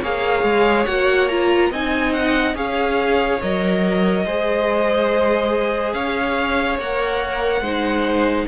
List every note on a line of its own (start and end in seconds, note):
0.00 0.43 A#3
0.00 0.87 G#4
0.00 1.69 C#5
0.00 0.86 F5
0.43 0.85 G#3
0.86 1.70 A#3
0.86 1.29 F#4
0.86 1.28 F#5
1.28 1.72 F4
1.28 1.70 A#5
1.70 2.55 C4
1.70 2.55 D#4
1.70 2.55 D#5
1.70 2.13 G#5
2.13 2.55 F#5
2.55 3.39 C#4
2.55 3.39 G#4
2.55 4.26 C#5
2.55 3.41 F5
3.42 4.25 F#3
3.42 4.26 A#4
3.42 5.93 D#5
4.25 5.94 G#3
4.25 6.79 G#4
4.25 5.94 C5
5.93 6.78 C#4
5.93 7.62 C#5
5.93 6.77 F5
6.79 7.61 A#3
6.79 7.64 A#4
6.79 8.48 F#5
7.61 8.45 G#3
7.61 8.48 D#4
7.61 8.46 C5